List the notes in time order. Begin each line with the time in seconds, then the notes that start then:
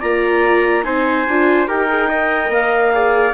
0.00 A#3 F4 D5 A#5
0.84 C4 D#4 C5 G#5
1.28 D4 F4
1.68 D#4 G4 A#4 G5
1.89 G#4
2.09 A#4 D#5
2.49 A#3 F5
2.93 G#4 D5